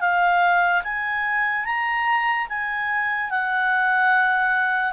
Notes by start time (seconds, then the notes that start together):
0.00 F5
0.83 G#5
1.65 A#5
2.48 G#5
3.30 F#5